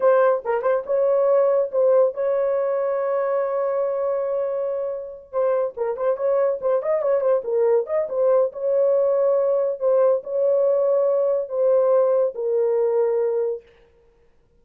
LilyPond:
\new Staff \with { instrumentName = "horn" } { \time 4/4 \tempo 4 = 141 c''4 ais'8 c''8 cis''2 | c''4 cis''2.~ | cis''1~ | cis''8 c''4 ais'8 c''8 cis''4 c''8 |
dis''8 cis''8 c''8 ais'4 dis''8 c''4 | cis''2. c''4 | cis''2. c''4~ | c''4 ais'2. | }